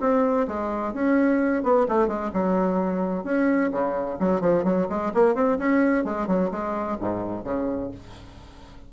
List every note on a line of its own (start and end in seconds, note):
0.00 0.47 C4
0.47 0.93 G#3
0.93 1.63 C#4
1.63 1.86 B3
1.88 2.07 A3
2.07 2.31 G#3
2.33 3.24 F#3
3.24 3.70 C#4
3.71 4.18 C#3
4.19 4.41 F#3
4.41 4.64 F3
4.64 4.87 F#3
4.89 5.12 G#3
5.14 5.34 A#3
5.34 5.58 C4
5.58 6.04 C#4
6.04 6.27 G#3
6.27 6.50 F#3
6.51 6.97 G#3
7.00 7.44 G#2
7.44 7.90 C#3